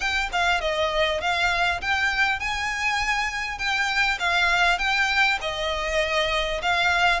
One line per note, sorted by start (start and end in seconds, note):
0.00 0.29 G5
0.32 0.60 F5
0.60 1.20 D#5
1.21 1.81 F5
1.81 2.39 G5
2.39 3.58 G#5
3.58 4.18 G5
4.19 4.78 F5
4.78 5.38 G5
5.41 6.61 D#5
6.62 7.20 F5